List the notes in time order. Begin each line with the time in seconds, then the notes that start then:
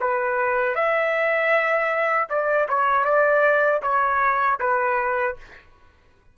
0.00 B4
0.74 E5
2.29 D5
2.68 C#5
3.04 D5
3.82 C#5
4.59 B4